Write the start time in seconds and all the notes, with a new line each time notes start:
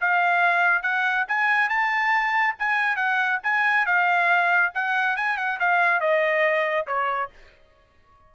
0.00 F5
0.82 F#5
1.28 G#5
1.69 A5
2.58 G#5
2.96 F#5
3.43 G#5
3.86 F5
4.74 F#5
5.16 G#5
5.37 F#5
5.59 F5
6.00 D#5
6.87 C#5